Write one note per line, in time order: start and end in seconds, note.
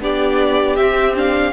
0.00 0.77 B3
0.00 0.77 D4
0.00 1.53 G4
0.00 0.75 D5
0.75 1.53 C4
0.75 1.15 C4
0.75 1.14 E5
1.15 1.53 D4
1.15 1.53 F5